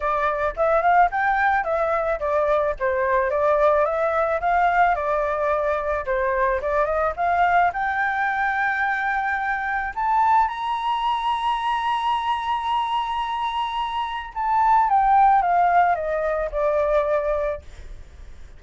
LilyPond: \new Staff \with { instrumentName = "flute" } { \time 4/4 \tempo 4 = 109 d''4 e''8 f''8 g''4 e''4 | d''4 c''4 d''4 e''4 | f''4 d''2 c''4 | d''8 dis''8 f''4 g''2~ |
g''2 a''4 ais''4~ | ais''1~ | ais''2 a''4 g''4 | f''4 dis''4 d''2 | }